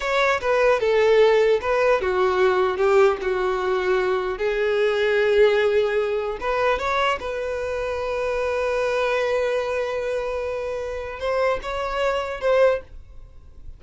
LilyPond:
\new Staff \with { instrumentName = "violin" } { \time 4/4 \tempo 4 = 150 cis''4 b'4 a'2 | b'4 fis'2 g'4 | fis'2. gis'4~ | gis'1 |
b'4 cis''4 b'2~ | b'1~ | b'1 | c''4 cis''2 c''4 | }